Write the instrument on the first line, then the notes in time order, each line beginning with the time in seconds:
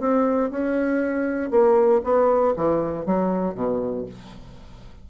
bassoon
0.00 C4
0.51 C#4
1.51 A#3
2.04 B3
2.56 E3
3.06 F#3
3.55 B2